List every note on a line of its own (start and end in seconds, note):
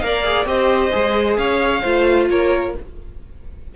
0.00 0.45 A#3
0.00 0.25 A#4
0.00 0.45 F5
0.06 0.48 D5
0.25 0.47 G#4
0.45 0.90 C4
0.45 0.92 G4
0.45 1.39 C5
0.45 1.37 D#5
0.92 1.38 G#3
0.92 1.82 G#4
1.37 1.83 C#4
1.37 1.82 C#5
1.37 2.28 F5
1.82 2.30 A3
1.82 2.76 F4
1.82 2.27 C5
2.30 2.75 A#3
2.30 2.76 A#4
2.30 2.76 C#5